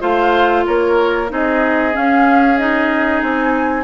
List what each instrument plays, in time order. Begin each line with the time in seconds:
0.00 bassoon A3, clarinet F4, oboe C5, flute F5
0.67 bassoon A#3, oboe A#4, flute C#5
1.29 bassoon C4, clarinet D#4, oboe G#4, flute D#5
1.93 clarinet C#4, bassoon C#4, flute F5
2.58 clarinet D#4, flute D#5
3.22 bassoon C4, flute G#5